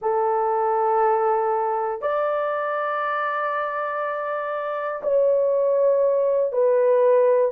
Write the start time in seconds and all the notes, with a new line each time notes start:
0.01 A4
2.01 D5
5.02 C#5
6.52 B4